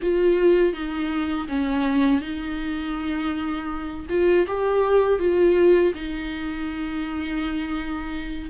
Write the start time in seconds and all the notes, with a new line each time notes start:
0.02 F4
0.73 D#4
1.48 C#4
2.21 D#4
4.09 F4
4.47 G4
5.19 F4
5.94 D#4